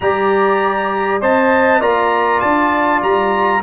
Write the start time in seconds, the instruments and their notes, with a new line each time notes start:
0.00 tuba G3, trombone G4, horn D5, trumpet A#5
1.21 tuba C4, trombone C5, horn D#5, trumpet A5
1.80 tuba A#3, trombone F4, horn D5, trumpet A#5
2.40 tuba D4, trumpet A5
3.02 tuba G3, trumpet A#5